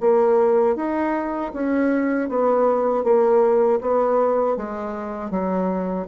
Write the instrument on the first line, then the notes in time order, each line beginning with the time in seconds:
bassoon
0.00 A#3
0.76 D#4
1.53 C#4
2.29 B3
3.03 A#3
3.81 B3
4.56 G#3
5.31 F#3